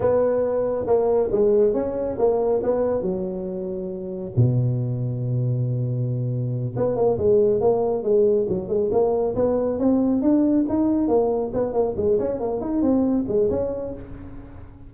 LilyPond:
\new Staff \with { instrumentName = "tuba" } { \time 4/4 \tempo 4 = 138 b2 ais4 gis4 | cis'4 ais4 b4 fis4~ | fis2 b,2~ | b,2.~ b,8 b8 |
ais8 gis4 ais4 gis4 fis8 | gis8 ais4 b4 c'4 d'8~ | d'8 dis'4 ais4 b8 ais8 gis8 | cis'8 ais8 dis'8 c'4 gis8 cis'4 | }